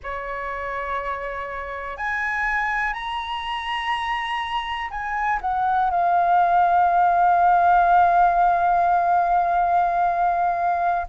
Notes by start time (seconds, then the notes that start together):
0.03 C#5
1.97 G#5
2.92 A#5
4.90 G#5
5.41 F#5
5.90 F5